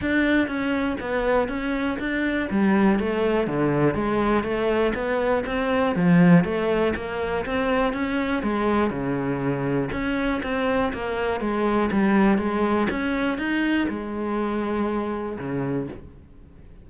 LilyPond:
\new Staff \with { instrumentName = "cello" } { \time 4/4 \tempo 4 = 121 d'4 cis'4 b4 cis'4 | d'4 g4 a4 d4 | gis4 a4 b4 c'4 | f4 a4 ais4 c'4 |
cis'4 gis4 cis2 | cis'4 c'4 ais4 gis4 | g4 gis4 cis'4 dis'4 | gis2. cis4 | }